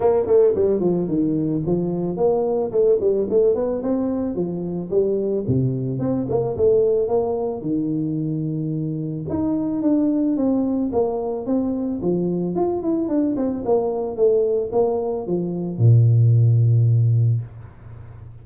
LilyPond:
\new Staff \with { instrumentName = "tuba" } { \time 4/4 \tempo 4 = 110 ais8 a8 g8 f8 dis4 f4 | ais4 a8 g8 a8 b8 c'4 | f4 g4 c4 c'8 ais8 | a4 ais4 dis2~ |
dis4 dis'4 d'4 c'4 | ais4 c'4 f4 f'8 e'8 | d'8 c'8 ais4 a4 ais4 | f4 ais,2. | }